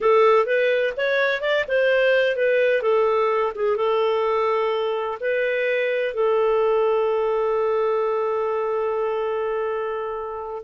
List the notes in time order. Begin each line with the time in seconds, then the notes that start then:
0.01 A4
0.46 B4
0.97 C#5
1.41 D5
1.68 C5
2.36 B4
2.82 A4
3.55 G#4
3.76 A4
5.20 B4
6.14 A4